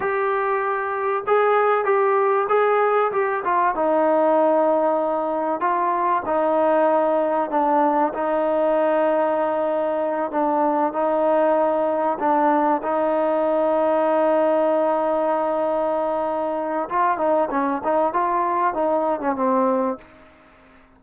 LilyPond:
\new Staff \with { instrumentName = "trombone" } { \time 4/4 \tempo 4 = 96 g'2 gis'4 g'4 | gis'4 g'8 f'8 dis'2~ | dis'4 f'4 dis'2 | d'4 dis'2.~ |
dis'8 d'4 dis'2 d'8~ | d'8 dis'2.~ dis'8~ | dis'2. f'8 dis'8 | cis'8 dis'8 f'4 dis'8. cis'16 c'4 | }